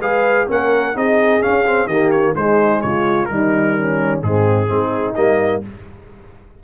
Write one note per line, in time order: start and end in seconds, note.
0.00 0.47 G#3
0.00 0.48 G#4
0.00 0.48 B4
0.00 0.49 F5
0.48 0.96 A#3
0.48 0.95 C#4
0.48 0.97 A#4
0.48 0.98 F#5
0.95 1.43 C4
0.95 1.42 D#4
0.95 1.88 G#4
0.95 1.43 D#5
1.42 1.65 C#4
1.42 1.87 C#4
1.42 1.88 F5
1.67 1.90 C4
1.87 2.34 D#3
1.87 2.36 A#3
1.87 2.35 G4
1.87 2.11 D#5
2.11 2.35 C#5
2.36 3.29 G#3
2.36 2.83 G#3
2.36 2.84 D#4
2.36 2.82 C5
2.82 3.31 C#3
2.82 3.31 F4
2.82 3.26 C#5
3.26 4.23 D#3
3.26 4.22 G3
3.26 3.78 D#4
3.26 4.20 A#4
3.78 4.24 C#4
4.22 4.70 G#2
4.22 4.67 G#3
4.22 4.68 C4
4.22 5.15 G#4
4.67 5.17 G#3
4.67 5.14 C4
4.67 5.62 D#4
5.15 5.64 G3
5.15 5.63 A#3
5.15 5.62 D#5